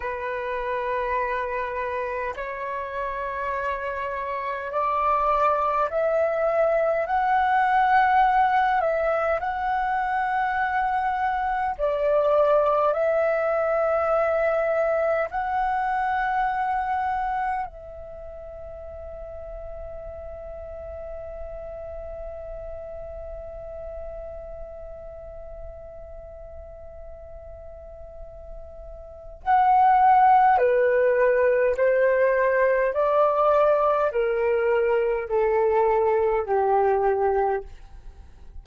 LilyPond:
\new Staff \with { instrumentName = "flute" } { \time 4/4 \tempo 4 = 51 b'2 cis''2 | d''4 e''4 fis''4. e''8 | fis''2 d''4 e''4~ | e''4 fis''2 e''4~ |
e''1~ | e''1~ | e''4 fis''4 b'4 c''4 | d''4 ais'4 a'4 g'4 | }